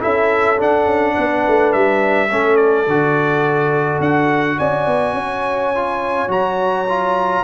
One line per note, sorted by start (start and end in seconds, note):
0.00 0.62 C#4
0.00 0.57 E4
0.00 1.15 A4
0.00 0.60 E5
0.57 2.29 D4
0.57 0.86 D4
0.57 1.73 F#5
0.86 1.15 C#4
1.16 1.47 B3
1.16 2.30 B4
1.47 1.75 A3
1.73 2.32 G3
1.73 2.57 E5
2.30 2.88 A3
2.30 2.87 C#4
2.30 4.59 A4
2.57 4.00 D5
2.88 4.00 D3
2.88 5.76 F#4
4.00 4.57 D4
4.00 4.59 F#5
4.59 4.87 C#4
4.59 5.16 D5
4.59 6.30 G#5
4.87 5.14 B3
5.14 6.28 C#4
5.14 7.44 C#5
5.76 6.29 F4
6.28 7.42 F#3
6.28 6.86 F#4
6.28 7.44 A#5
6.89 7.44 F4